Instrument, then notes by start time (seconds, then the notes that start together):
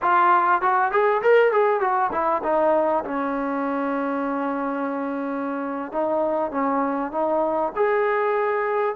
trombone
0.02 F4
0.61 F#4
0.91 G#4
1.21 A#4
1.52 G#4
1.80 F#4
2.12 E4
2.43 D#4
3.04 C#4
5.91 D#4
6.51 C#4
7.11 D#4
7.75 G#4